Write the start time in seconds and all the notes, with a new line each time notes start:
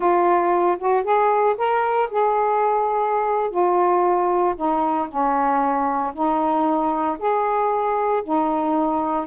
0.00 F4
0.78 F#4
1.03 G#4
1.57 A#4
2.10 G#4
3.50 F4
4.56 D#4
5.08 C#4
6.13 D#4
7.18 G#4
8.23 D#4